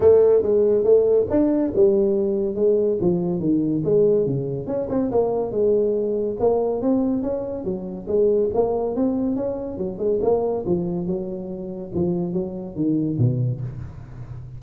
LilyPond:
\new Staff \with { instrumentName = "tuba" } { \time 4/4 \tempo 4 = 141 a4 gis4 a4 d'4 | g2 gis4 f4 | dis4 gis4 cis4 cis'8 c'8 | ais4 gis2 ais4 |
c'4 cis'4 fis4 gis4 | ais4 c'4 cis'4 fis8 gis8 | ais4 f4 fis2 | f4 fis4 dis4 b,4 | }